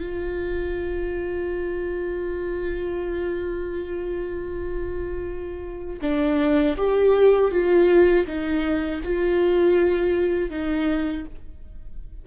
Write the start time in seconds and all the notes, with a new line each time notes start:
0.00 F4
6.02 D4
6.77 G4
7.51 F4
8.27 D#4
9.04 F4
10.50 D#4